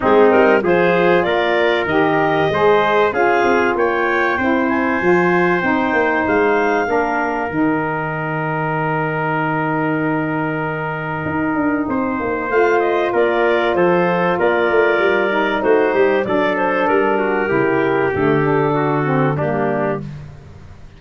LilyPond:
<<
  \new Staff \with { instrumentName = "clarinet" } { \time 4/4 \tempo 4 = 96 gis'8 ais'8 c''4 d''4 dis''4~ | dis''4 f''4 g''4. gis''8~ | gis''4 g''4 f''2 | g''1~ |
g''1 | f''8 dis''8 d''4 c''4 d''4~ | d''4 c''4 d''8 c''8 ais'4~ | ais'4 a'2 g'4 | }
  \new Staff \with { instrumentName = "trumpet" } { \time 4/4 dis'4 gis'4 ais'2 | c''4 gis'4 cis''4 c''4~ | c''2. ais'4~ | ais'1~ |
ais'2. c''4~ | c''4 ais'4 a'4 ais'4~ | ais'4 fis'8 g'8 a'4. fis'8 | g'2 fis'4 d'4 | }
  \new Staff \with { instrumentName = "saxophone" } { \time 4/4 c'4 f'2 g'4 | gis'4 f'2 e'4 | f'4 dis'2 d'4 | dis'1~ |
dis'1 | f'1~ | f'8 dis'4. d'2 | e'4 a8 d'4 c'8 ais4 | }
  \new Staff \with { instrumentName = "tuba" } { \time 4/4 gis8 g8 f4 ais4 dis4 | gis4 cis'8 c'8 ais4 c'4 | f4 c'8 ais8 gis4 ais4 | dis1~ |
dis2 dis'8 d'8 c'8 ais8 | a4 ais4 f4 ais8 a8 | g4 a8 g8 fis4 g4 | cis4 d2 g4 | }
>>